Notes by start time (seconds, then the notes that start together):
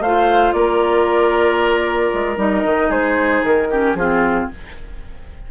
0.00 A3 F4 C5 F5
0.53 A#3 A#4 D5
2.14 G#3
2.37 G3 D#4 D#5
2.65 D#3
2.89 G#3 G#4 C5
3.44 D#3 A#4
3.71 C#4 G4
3.95 F3 C4 F4 G#4